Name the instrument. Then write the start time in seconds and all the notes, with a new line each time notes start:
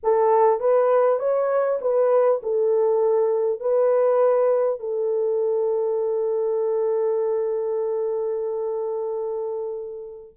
horn
0.03 A4
0.60 B4
1.19 C#5
1.81 B4
2.42 A4
3.59 B4
4.79 A4